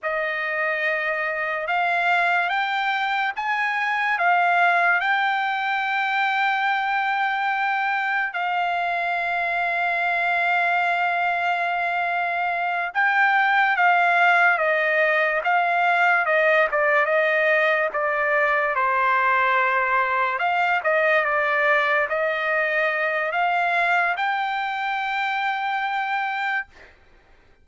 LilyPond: \new Staff \with { instrumentName = "trumpet" } { \time 4/4 \tempo 4 = 72 dis''2 f''4 g''4 | gis''4 f''4 g''2~ | g''2 f''2~ | f''2.~ f''8 g''8~ |
g''8 f''4 dis''4 f''4 dis''8 | d''8 dis''4 d''4 c''4.~ | c''8 f''8 dis''8 d''4 dis''4. | f''4 g''2. | }